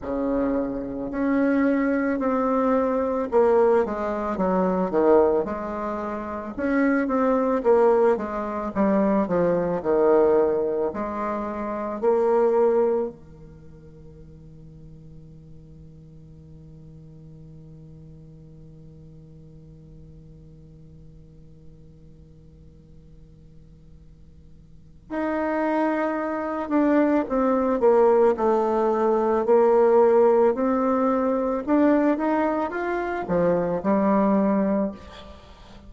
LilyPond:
\new Staff \with { instrumentName = "bassoon" } { \time 4/4 \tempo 4 = 55 cis4 cis'4 c'4 ais8 gis8 | fis8 dis8 gis4 cis'8 c'8 ais8 gis8 | g8 f8 dis4 gis4 ais4 | dis1~ |
dis1~ | dis2. dis'4~ | dis'8 d'8 c'8 ais8 a4 ais4 | c'4 d'8 dis'8 f'8 f8 g4 | }